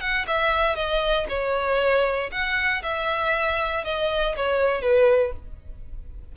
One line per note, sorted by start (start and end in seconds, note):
0.00 0.25 F#5
0.27 0.75 E5
0.75 1.26 D#5
1.29 2.30 C#5
2.31 2.82 F#5
2.83 3.84 E5
3.84 4.35 D#5
4.36 4.81 C#5
4.81 5.32 B4